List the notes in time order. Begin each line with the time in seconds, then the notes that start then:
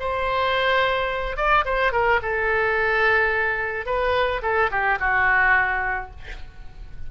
0.00 C5
1.37 D5
1.65 C5
1.93 A#4
2.22 A4
3.86 B4
4.43 A4
4.71 G4
5.00 F#4